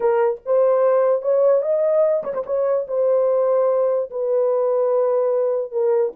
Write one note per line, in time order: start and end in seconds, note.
0.00 0.40 A#4
0.45 1.22 C5
1.22 1.62 C#5
1.62 2.23 D#5
2.23 2.33 C#5
2.34 2.44 C5
2.46 2.86 C#5
2.87 4.09 C5
4.10 5.71 B4
5.71 6.12 A#4